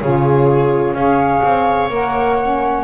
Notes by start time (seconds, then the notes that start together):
0.00 C#3 F4 G#4 C#5
0.94 C#4 G#4 C#5 F5
1.42 C4
1.89 A#3 A#4 F#5
2.41 C#4